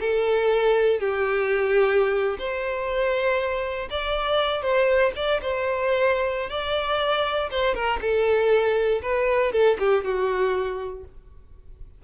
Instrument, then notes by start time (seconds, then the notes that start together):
violin
0.00 A4
1.00 G4
2.38 C5
3.90 D5
4.62 C5
5.16 D5
5.42 C5
6.50 D5
7.51 C5
7.75 A#4
8.01 A4
9.02 B4
9.52 A4
9.79 G4
10.04 F#4